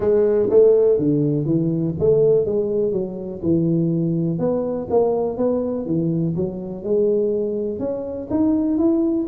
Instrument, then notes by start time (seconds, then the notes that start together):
tuba
0.00 G#3
0.49 A3
0.98 D3
1.45 E3
1.99 A3
2.45 G#3
2.92 F#3
3.42 E3
4.39 B3
4.90 A#3
5.37 B3
5.85 E3
6.36 F#3
6.83 G#3
7.79 C#4
8.30 D#4
8.78 E4